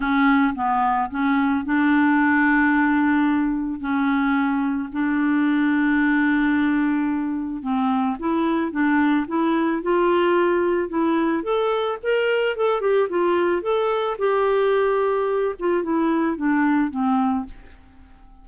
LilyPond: \new Staff \with { instrumentName = "clarinet" } { \time 4/4 \tempo 4 = 110 cis'4 b4 cis'4 d'4~ | d'2. cis'4~ | cis'4 d'2.~ | d'2 c'4 e'4 |
d'4 e'4 f'2 | e'4 a'4 ais'4 a'8 g'8 | f'4 a'4 g'2~ | g'8 f'8 e'4 d'4 c'4 | }